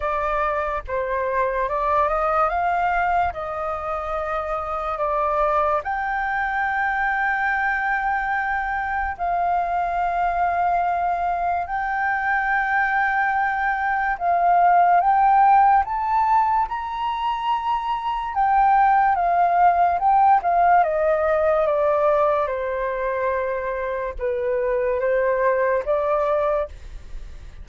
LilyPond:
\new Staff \with { instrumentName = "flute" } { \time 4/4 \tempo 4 = 72 d''4 c''4 d''8 dis''8 f''4 | dis''2 d''4 g''4~ | g''2. f''4~ | f''2 g''2~ |
g''4 f''4 g''4 a''4 | ais''2 g''4 f''4 | g''8 f''8 dis''4 d''4 c''4~ | c''4 b'4 c''4 d''4 | }